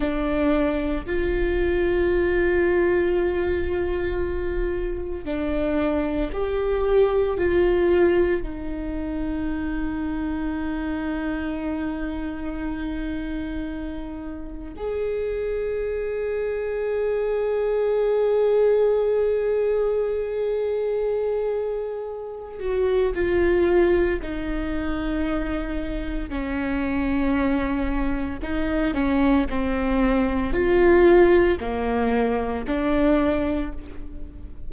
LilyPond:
\new Staff \with { instrumentName = "viola" } { \time 4/4 \tempo 4 = 57 d'4 f'2.~ | f'4 d'4 g'4 f'4 | dis'1~ | dis'2 gis'2~ |
gis'1~ | gis'4. fis'8 f'4 dis'4~ | dis'4 cis'2 dis'8 cis'8 | c'4 f'4 ais4 d'4 | }